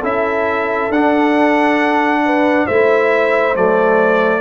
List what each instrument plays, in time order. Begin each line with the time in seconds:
0.00 tuba C#4, trombone E4, horn A4, trumpet E5
0.90 tuba D4, trombone D4, trumpet F#5
2.25 horn B4
2.65 tuba A3, horn C5, trumpet E5
2.71 trombone E4
3.55 tuba F#3, trombone A3, trumpet D5